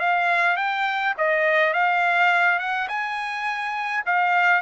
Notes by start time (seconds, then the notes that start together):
0.00 F5
0.56 G5
1.18 D#5
1.73 F5
2.59 F#5
2.88 G#5
4.06 F5